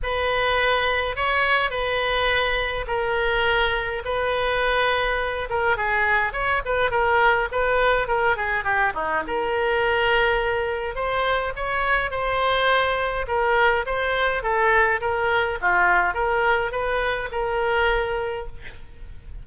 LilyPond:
\new Staff \with { instrumentName = "oboe" } { \time 4/4 \tempo 4 = 104 b'2 cis''4 b'4~ | b'4 ais'2 b'4~ | b'4. ais'8 gis'4 cis''8 b'8 | ais'4 b'4 ais'8 gis'8 g'8 dis'8 |
ais'2. c''4 | cis''4 c''2 ais'4 | c''4 a'4 ais'4 f'4 | ais'4 b'4 ais'2 | }